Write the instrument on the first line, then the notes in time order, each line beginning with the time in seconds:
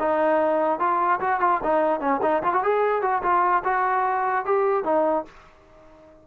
trombone
0.00 D#4
0.80 F4
1.21 F#4
1.41 F4
1.64 D#4
2.01 C#4
2.23 D#4
2.43 F4
2.54 F#4
2.64 G#4
3.02 F#4
3.23 F4
3.65 F#4
4.46 G4
4.85 D#4